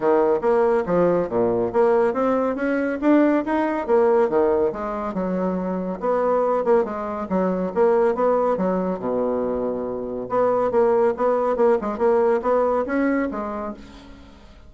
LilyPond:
\new Staff \with { instrumentName = "bassoon" } { \time 4/4 \tempo 4 = 140 dis4 ais4 f4 ais,4 | ais4 c'4 cis'4 d'4 | dis'4 ais4 dis4 gis4 | fis2 b4. ais8 |
gis4 fis4 ais4 b4 | fis4 b,2. | b4 ais4 b4 ais8 gis8 | ais4 b4 cis'4 gis4 | }